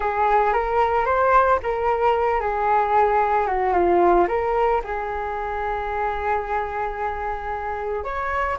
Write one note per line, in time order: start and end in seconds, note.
0.00 0.53 G#4
0.53 1.05 A#4
1.05 1.59 C5
1.62 2.40 A#4
2.40 3.47 G#4
3.47 3.73 F#4
3.73 4.26 F4
4.28 4.81 A#4
4.84 8.04 G#4
8.04 8.57 C#5